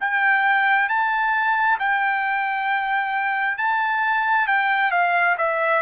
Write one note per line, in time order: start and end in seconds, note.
0.00 0.88 G5
0.88 1.78 A5
1.79 3.57 G5
3.57 4.47 A5
4.47 4.91 G5
4.91 5.36 F5
5.37 5.82 E5